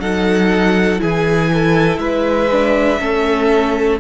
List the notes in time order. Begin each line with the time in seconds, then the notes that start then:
0.00 F#3 D#4 A4 F#5
0.98 E3 E4 G#4 G#5
1.53 A4
1.97 G#3 B4 E5
2.51 D4
3.00 A3 C#4 A4